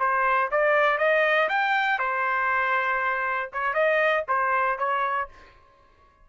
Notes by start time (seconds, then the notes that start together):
0.00 C5
0.51 D5
0.98 D#5
1.49 G5
1.99 C5
3.53 C#5
3.74 D#5
4.28 C5
4.79 C#5